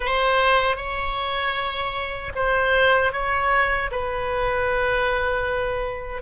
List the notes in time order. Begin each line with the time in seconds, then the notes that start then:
0.00 C5
0.76 C#5
2.35 C5
3.12 C#5
3.91 B4